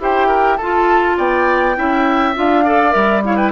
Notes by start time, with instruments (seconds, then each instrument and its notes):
0.00 bassoon E4, clarinet G4, oboe C5, flute G5
0.27 oboe A#4
0.57 bassoon F4, clarinet F4, oboe A4, flute A5
1.17 bassoon B3, oboe D5, flute G5
1.76 bassoon C#4, clarinet E4, oboe E5
2.35 bassoon D4, clarinet F4, flute F5
2.65 clarinet A4, oboe D5
2.91 bassoon G3, clarinet A#4, flute E5
3.25 clarinet E4, oboe C#5, flute F5
3.36 oboe B4, flute G5